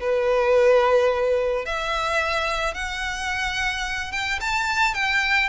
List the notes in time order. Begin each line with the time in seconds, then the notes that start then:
0.00 B4
1.65 E5
2.74 F#5
4.12 G5
4.40 A5
4.94 G5